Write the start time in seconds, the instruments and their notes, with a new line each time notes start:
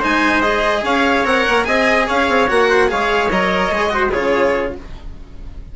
0.00 bassoon G#3, cello D#4, trumpet C5, violin G#5
0.42 cello G#4, violin D#5
0.83 bassoon C#4, trumpet C#5, violin F5
1.25 bassoon C4, cello A#4, violin F#5
1.49 bassoon A#3
1.65 bassoon C4, cello G#4, trumpet D#5, violin G#5
2.07 bassoon C#4, trumpet C#5, violin F5
2.29 bassoon C4
2.48 bassoon A#3, cello F#4, violin F#5
2.70 trumpet C5
2.88 bassoon G#3, cello G#4, trumpet C#5, violin F5
3.31 bassoon F#3, cello A#4, violin D#5
3.71 bassoon G#3, cello G#4
3.90 cello F#4, trumpet C5
4.12 bassoon C#3, cello F4, trumpet G#4, violin C#5